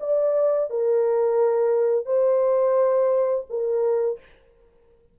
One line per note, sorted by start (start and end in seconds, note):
0.00 0.70 D5
0.70 2.05 A#4
2.05 3.45 C5
3.49 4.19 A#4